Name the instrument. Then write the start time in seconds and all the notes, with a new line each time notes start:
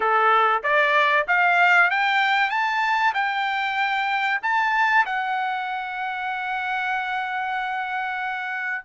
trumpet
0.00 A4
0.63 D5
1.27 F5
1.90 G5
2.50 A5
3.13 G5
4.42 A5
5.05 F#5